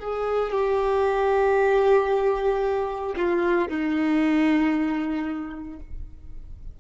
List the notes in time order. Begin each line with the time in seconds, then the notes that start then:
0.00 G#4
0.52 G4
3.17 F4
3.68 D#4